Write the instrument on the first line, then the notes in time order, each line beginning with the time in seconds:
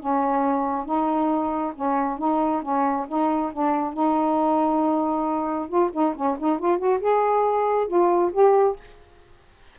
saxophone
0.00 C#4
0.86 D#4
1.75 C#4
2.18 D#4
2.62 C#4
3.08 D#4
3.53 D4
3.93 D#4
5.69 F4
5.93 D#4
6.15 C#4
6.39 D#4
6.59 F4
6.78 F#4
7.00 G#4
7.88 F4
8.33 G4